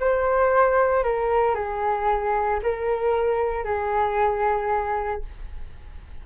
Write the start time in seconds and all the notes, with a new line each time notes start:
0.00 C5
1.04 A#4
1.55 G#4
2.63 A#4
3.64 G#4